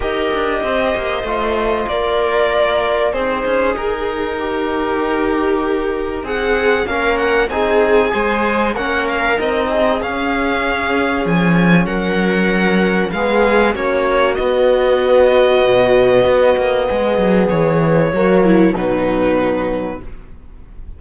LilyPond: <<
  \new Staff \with { instrumentName = "violin" } { \time 4/4 \tempo 4 = 96 dis''2. d''4~ | d''4 c''4 ais'2~ | ais'2 fis''4 f''8 fis''8 | gis''2 fis''8 f''8 dis''4 |
f''2 gis''4 fis''4~ | fis''4 f''4 cis''4 dis''4~ | dis''1 | cis''2 b'2 | }
  \new Staff \with { instrumentName = "viola" } { \time 4/4 ais'4 c''2 ais'4~ | ais'4 gis'2 g'4~ | g'2 gis'4 ais'4 | gis'4 c''4 ais'4. gis'8~ |
gis'2. ais'4~ | ais'4 gis'4 fis'2~ | fis'2. gis'4~ | gis'4 fis'8 e'8 dis'2 | }
  \new Staff \with { instrumentName = "trombone" } { \time 4/4 g'2 f'2~ | f'4 dis'2.~ | dis'2. cis'4 | dis'4 gis'4 cis'4 dis'4 |
cis'1~ | cis'4 b4 cis'4 b4~ | b1~ | b4 ais4 fis2 | }
  \new Staff \with { instrumentName = "cello" } { \time 4/4 dis'8 d'8 c'8 ais8 a4 ais4~ | ais4 c'8 cis'8 dis'2~ | dis'2 c'4 ais4 | c'4 gis4 ais4 c'4 |
cis'2 f4 fis4~ | fis4 gis4 ais4 b4~ | b4 b,4 b8 ais8 gis8 fis8 | e4 fis4 b,2 | }
>>